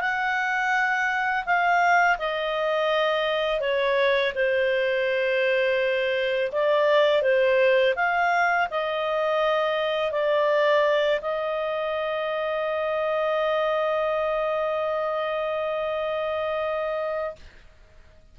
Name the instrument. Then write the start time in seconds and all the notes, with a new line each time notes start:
clarinet
0.00 F#5
1.45 F5
2.18 D#5
3.60 C#5
4.34 C5
6.52 D5
7.22 C5
7.95 F5
8.70 D#5
10.11 D5
11.21 D#5